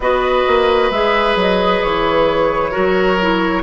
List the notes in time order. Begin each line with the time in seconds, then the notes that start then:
0.00 B3 F#4 B4 D#5
0.47 A#3
0.90 G#3 G#4 E5
1.35 F#3 D#5
1.83 E3 C#5
2.71 F#3 F#4 A#4
3.21 E4